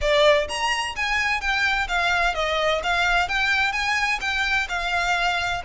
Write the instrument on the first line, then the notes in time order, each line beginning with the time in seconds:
violin
0.01 D5
0.48 A#5
0.96 G#5
1.40 G5
1.87 F5
2.34 D#5
2.83 F5
3.28 G5
3.72 G#5
4.20 G5
4.68 F5